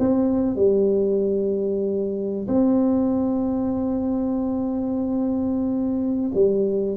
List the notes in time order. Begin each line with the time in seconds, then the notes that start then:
0.00 C4
0.57 G3
2.48 C4
6.35 G3